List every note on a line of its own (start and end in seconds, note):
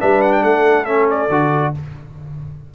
0.00 0.44 G3
0.00 0.86 D4
0.00 0.43 B4
0.00 0.22 E5
0.22 0.32 F#5
0.32 0.43 G5
0.43 1.29 A3
0.43 1.71 A4
0.43 0.85 F#5
0.85 1.29 C#4
0.85 1.06 E5
1.10 1.75 D5
1.29 1.72 D3
1.29 1.74 F#4